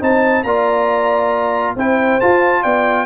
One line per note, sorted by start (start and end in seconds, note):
0.00 0.43 C4
0.00 0.44 D#4
0.00 0.46 C5
0.00 0.43 A5
0.43 1.75 A#3
0.43 1.77 F4
0.43 1.76 D5
0.43 1.75 A#5
1.76 2.19 C4
1.76 2.21 E4
1.76 2.62 C5
1.76 2.20 G5
2.20 3.06 F4
2.20 2.64 F4
2.20 2.63 A5
2.62 3.06 B3
2.62 3.06 D5
2.62 3.06 G5